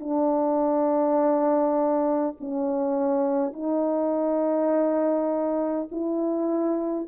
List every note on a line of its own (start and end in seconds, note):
0.00 2.35 D4
2.40 3.53 C#4
3.53 5.88 D#4
5.91 7.08 E4